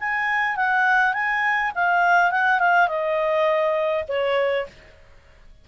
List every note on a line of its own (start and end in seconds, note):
0.00 0.56 G#5
0.56 1.13 F#5
1.13 1.72 G#5
1.75 2.31 F5
2.31 2.59 F#5
2.59 2.88 F5
2.88 4.04 D#5
4.08 4.67 C#5